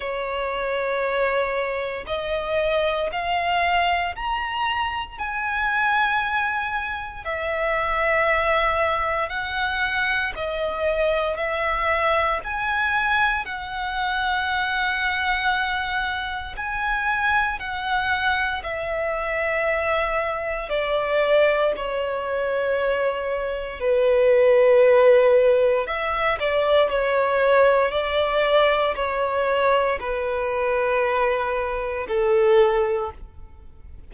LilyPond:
\new Staff \with { instrumentName = "violin" } { \time 4/4 \tempo 4 = 58 cis''2 dis''4 f''4 | ais''4 gis''2 e''4~ | e''4 fis''4 dis''4 e''4 | gis''4 fis''2. |
gis''4 fis''4 e''2 | d''4 cis''2 b'4~ | b'4 e''8 d''8 cis''4 d''4 | cis''4 b'2 a'4 | }